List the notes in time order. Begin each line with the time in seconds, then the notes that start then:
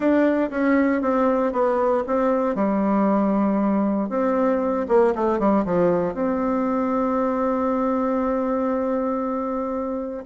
0.00 D4
0.50 C#4
1.01 C4
1.52 B3
2.06 C4
2.55 G3
4.09 C4
4.88 A#3
5.15 A3
5.39 G3
5.65 F3
6.14 C4